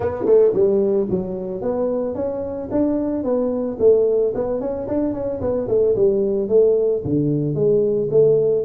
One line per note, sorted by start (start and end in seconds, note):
0.00 0.25 B3
0.25 0.52 A3
0.53 1.07 G3
1.10 1.61 F#3
1.61 2.14 B3
2.14 2.69 C#4
2.71 3.23 D4
3.23 3.77 B3
3.79 4.33 A3
4.34 4.60 B3
4.60 4.87 C#4
4.87 5.13 D4
5.13 5.40 C#4
5.40 5.67 B3
5.68 5.95 A3
5.95 6.48 G3
6.48 7.02 A3
7.04 7.54 D3
7.54 8.08 G#3
8.10 8.64 A3